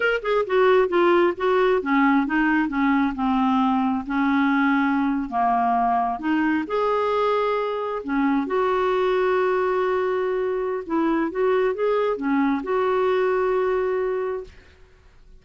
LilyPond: \new Staff \with { instrumentName = "clarinet" } { \time 4/4 \tempo 4 = 133 ais'8 gis'8 fis'4 f'4 fis'4 | cis'4 dis'4 cis'4 c'4~ | c'4 cis'2~ cis'8. ais16~ | ais4.~ ais16 dis'4 gis'4~ gis'16~ |
gis'4.~ gis'16 cis'4 fis'4~ fis'16~ | fis'1 | e'4 fis'4 gis'4 cis'4 | fis'1 | }